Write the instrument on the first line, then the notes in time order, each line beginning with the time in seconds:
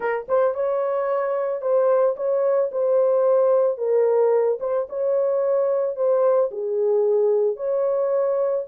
horn
0.00 A#4
0.28 C5
0.54 C#5
1.61 C5
2.16 C#5
2.71 C5
3.77 A#4
4.60 C5
4.89 C#5
5.96 C5
6.51 G#4
7.56 C#5